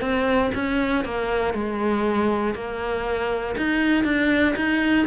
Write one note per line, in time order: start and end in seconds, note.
0.00 0.50 C4
0.54 1.04 C#4
1.04 1.53 A#3
1.53 2.54 G#3
2.54 3.55 A#3
3.56 4.04 D#4
4.04 4.54 D4
4.55 5.06 D#4